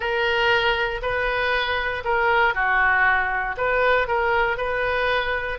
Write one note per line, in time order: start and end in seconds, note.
0.00 1.01 A#4
1.02 2.03 B4
2.04 2.54 A#4
2.54 3.56 F#4
3.57 4.07 B4
4.07 4.57 A#4
4.57 5.58 B4